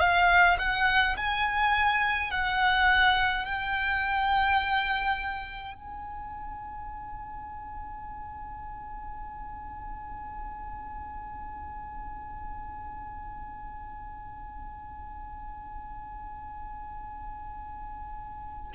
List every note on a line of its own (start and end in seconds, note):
0.00 0.58 F5
0.58 1.16 F#5
1.17 2.31 G#5
2.31 3.45 F#5
3.45 5.74 G5
5.74 18.72 G#5